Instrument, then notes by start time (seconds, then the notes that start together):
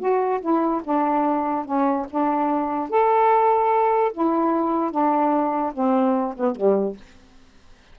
saxophone
0.00 F#4
0.41 E4
0.85 D4
1.65 C#4
2.11 D4
2.90 A4
4.13 E4
4.92 D4
5.74 C4
6.37 B3
6.56 G3